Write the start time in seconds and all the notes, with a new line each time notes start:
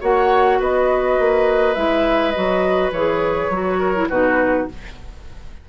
0.00 A#3 F#4 C#5 F#5
0.59 B3 B4 D#5
1.19 A#3
1.74 G#3 E4 E5
2.31 F#3 F#4 D#5
2.91 E3 G#4 C#5
3.49 F#3 F#4
3.79 A#4
3.95 E4
4.09 B2 D#4 F#4 B4